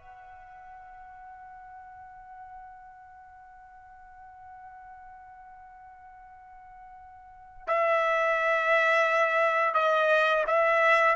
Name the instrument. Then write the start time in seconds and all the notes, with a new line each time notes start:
trumpet
0.00 F#5
7.67 E5
9.75 D#5
10.47 E5